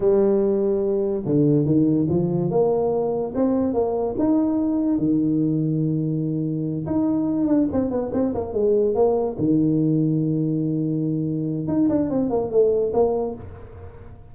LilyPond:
\new Staff \with { instrumentName = "tuba" } { \time 4/4 \tempo 4 = 144 g2. d4 | dis4 f4 ais2 | c'4 ais4 dis'2 | dis1~ |
dis8 dis'4. d'8 c'8 b8 c'8 | ais8 gis4 ais4 dis4.~ | dis1 | dis'8 d'8 c'8 ais8 a4 ais4 | }